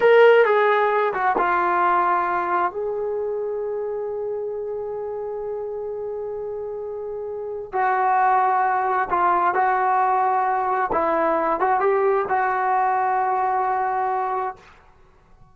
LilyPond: \new Staff \with { instrumentName = "trombone" } { \time 4/4 \tempo 4 = 132 ais'4 gis'4. fis'8 f'4~ | f'2 gis'2~ | gis'1~ | gis'1~ |
gis'4 fis'2. | f'4 fis'2. | e'4. fis'8 g'4 fis'4~ | fis'1 | }